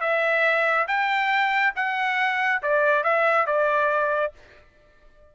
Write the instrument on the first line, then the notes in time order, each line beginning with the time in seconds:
trumpet
0.00 E5
0.87 G5
1.75 F#5
2.62 D5
3.04 E5
3.46 D5